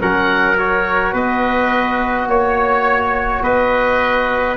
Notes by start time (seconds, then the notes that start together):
0.00 F#3 C#4 A#4 F#5
0.57 F#4 C#5
1.14 B3 B4 D#5
2.27 A#3 C#5
3.43 B3 B4 D#5